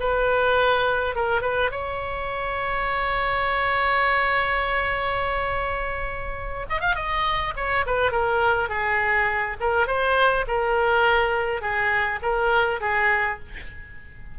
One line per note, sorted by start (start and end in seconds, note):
0.00 1.15 B4
1.15 1.41 A#4
1.41 1.71 B4
1.71 6.66 C#5
6.69 6.80 D#5
6.80 6.95 F5
6.95 7.54 D#5
7.56 7.85 C#5
7.86 8.11 B4
8.11 8.69 A#4
8.69 9.56 G#4
9.60 9.87 A#4
9.87 10.45 C5
10.47 11.61 A#4
11.61 12.19 G#4
12.22 12.80 A#4
12.80 13.39 G#4